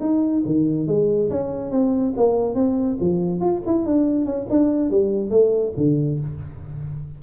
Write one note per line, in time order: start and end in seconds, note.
0.00 0.43 D#4
0.45 0.87 D#3
0.87 1.30 G#3
1.30 1.71 C#4
1.71 2.13 C4
2.17 2.55 A#3
2.55 2.97 C4
3.00 3.40 F3
3.40 3.62 F4
3.66 3.85 E4
3.85 4.25 D4
4.25 4.47 C#4
4.50 4.90 D4
4.90 5.30 G3
5.30 5.73 A3
5.77 6.19 D3